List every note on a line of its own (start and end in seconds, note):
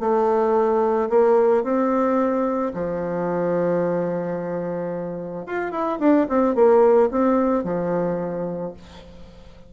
0.00 1.09 A3
1.09 1.63 A#3
1.63 2.72 C4
2.74 5.46 F3
5.46 5.71 F4
5.71 5.99 E4
6.00 6.27 D4
6.29 6.55 C4
6.55 7.10 A#3
7.11 7.64 C4
7.64 8.73 F3